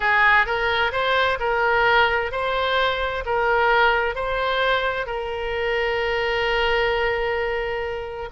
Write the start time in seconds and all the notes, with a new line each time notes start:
0.00 G#4
0.46 A#4
0.92 C5
1.39 A#4
2.31 C5
3.25 A#4
4.15 C5
5.06 A#4